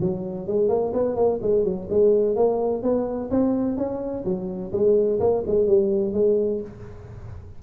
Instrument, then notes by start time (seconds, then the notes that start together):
tuba
0.00 F#3
0.47 G#3
0.68 A#3
0.93 B3
1.15 A#3
1.41 G#3
1.64 F#3
1.89 G#3
2.35 A#3
2.82 B3
3.30 C4
3.76 C#4
4.24 F#3
4.72 G#3
5.19 A#3
5.46 G#3
5.66 G3
6.13 G#3